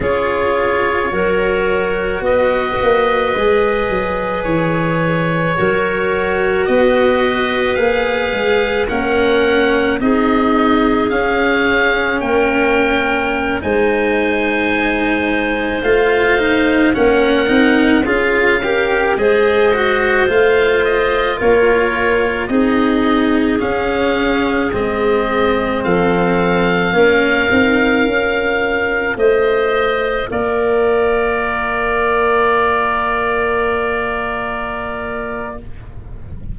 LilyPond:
<<
  \new Staff \with { instrumentName = "oboe" } { \time 4/4 \tempo 4 = 54 cis''2 dis''2 | cis''2 dis''4 f''4 | fis''4 dis''4 f''4 g''4~ | g''16 gis''2 f''4 fis''8.~ |
fis''16 f''4 dis''4 f''8 dis''8 cis''8.~ | cis''16 dis''4 f''4 dis''4 f''8.~ | f''2~ f''16 dis''4 d''8.~ | d''1 | }
  \new Staff \with { instrumentName = "clarinet" } { \time 4/4 gis'4 ais'4 b'2~ | b'4 ais'4 b'2 | ais'4 gis'2 ais'4~ | ais'16 c''2. ais'8.~ |
ais'16 gis'8 ais'8 c''2 ais'8.~ | ais'16 gis'2. a'8.~ | a'16 ais'2 c''4 ais'8.~ | ais'1 | }
  \new Staff \with { instrumentName = "cello" } { \time 4/4 f'4 fis'2 gis'4~ | gis'4 fis'2 gis'4 | cis'4 dis'4 cis'2~ | cis'16 dis'2 f'8 dis'8 cis'8 dis'16~ |
dis'16 f'8 g'8 gis'8 fis'8 f'4.~ f'16~ | f'16 dis'4 cis'4 c'4.~ c'16~ | c'16 cis'8 dis'8 f'2~ f'8.~ | f'1 | }
  \new Staff \with { instrumentName = "tuba" } { \time 4/4 cis'4 fis4 b8 ais8 gis8 fis8 | e4 fis4 b4 ais8 gis8 | ais4 c'4 cis'4 ais4~ | ais16 gis2 a4 ais8 c'16~ |
c'16 cis'4 gis4 a4 ais8.~ | ais16 c'4 cis'4 gis4 f8.~ | f16 ais8 c'8 cis'4 a4 ais8.~ | ais1 | }
>>